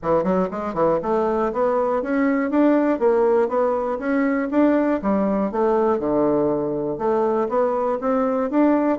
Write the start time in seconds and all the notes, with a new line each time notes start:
0.02 E3
0.23 F#3
0.50 G#3
0.74 E3
1.02 A3
1.52 B3
2.02 C#4
2.50 D4
2.99 A#3
3.48 B3
3.99 C#4
4.50 D4
5.02 G3
5.51 A3
5.99 D3
6.98 A3
7.48 B3
8.00 C4
8.50 D4